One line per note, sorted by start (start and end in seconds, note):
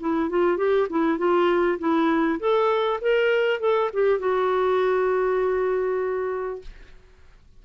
0.00 0.30 E4
0.30 0.58 F4
0.58 0.88 G4
0.90 1.18 E4
1.18 1.79 F4
1.79 2.39 E4
2.40 3.00 A4
3.01 3.60 A#4
3.60 3.91 A4
3.93 4.20 G4
4.20 6.62 F#4